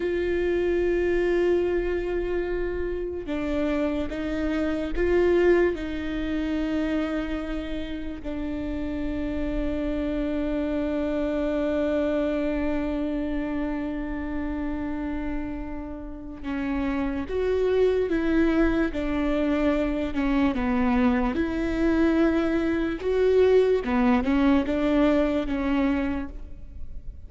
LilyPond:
\new Staff \with { instrumentName = "viola" } { \time 4/4 \tempo 4 = 73 f'1 | d'4 dis'4 f'4 dis'4~ | dis'2 d'2~ | d'1~ |
d'1 | cis'4 fis'4 e'4 d'4~ | d'8 cis'8 b4 e'2 | fis'4 b8 cis'8 d'4 cis'4 | }